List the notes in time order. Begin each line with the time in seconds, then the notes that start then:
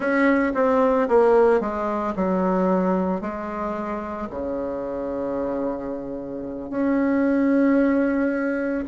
0.00 C#4
0.54 C4
1.08 A#3
1.60 G#3
2.15 F#3
3.21 G#3
4.30 C#3
6.70 C#4